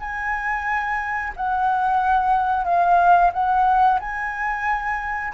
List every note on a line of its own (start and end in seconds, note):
0.00 1.33 G#5
1.36 2.65 F#5
2.65 3.32 F5
3.33 4.00 F#5
4.00 5.34 G#5